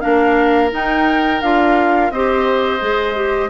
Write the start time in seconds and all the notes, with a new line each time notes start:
0.00 A#3 D4 A#4 F5
0.70 D#4 G5
1.41 D4 F4 F5
2.10 C4 G4 C5 D#5
2.80 G#3 G#4
3.15 G4